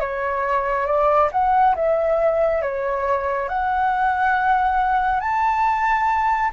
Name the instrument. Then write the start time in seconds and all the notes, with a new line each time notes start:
flute
0.00 C#5
0.86 D5
1.31 F#5
1.75 E5
2.62 C#5
3.48 F#5
5.20 A5